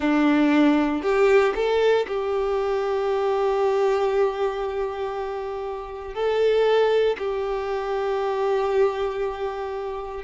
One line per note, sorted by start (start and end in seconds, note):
0.00 1.02 D4
1.02 1.53 G4
1.55 2.06 A4
2.07 6.14 G4
6.14 7.17 A4
7.18 10.23 G4